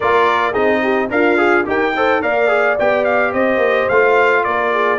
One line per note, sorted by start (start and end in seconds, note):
0.00 0.55 A#3
0.00 0.53 F4
0.00 0.51 A#4
0.00 0.53 D5
0.51 1.10 C4
0.51 1.09 D#4
0.51 0.78 G#4
0.51 1.09 D#5
0.83 1.10 G4
1.09 1.66 D4
1.09 1.67 F4
1.09 1.37 A#4
1.09 1.66 F5
1.37 1.64 G#4
1.65 2.22 D#4
1.65 1.92 G4
1.65 1.95 A#4
1.65 2.22 G5
1.95 2.22 A4
1.95 2.21 C5
2.21 2.78 A#3
2.21 2.48 A#4
2.21 3.32 D5
2.21 2.77 F5
2.48 2.75 G#4
2.79 3.33 B3
2.79 3.90 G4
2.79 3.04 G5
3.04 3.32 F5
3.32 3.57 C4
3.32 4.43 C5
3.32 3.88 D#5
3.57 3.85 A#3
3.88 4.45 A3
3.88 4.98 F4
3.88 4.44 F5
4.44 4.98 A#3
4.44 4.72 A#4
4.44 4.98 D5
4.72 4.98 G#4